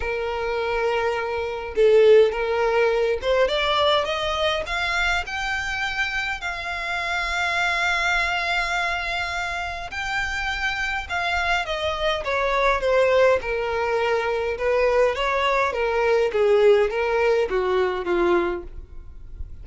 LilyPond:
\new Staff \with { instrumentName = "violin" } { \time 4/4 \tempo 4 = 103 ais'2. a'4 | ais'4. c''8 d''4 dis''4 | f''4 g''2 f''4~ | f''1~ |
f''4 g''2 f''4 | dis''4 cis''4 c''4 ais'4~ | ais'4 b'4 cis''4 ais'4 | gis'4 ais'4 fis'4 f'4 | }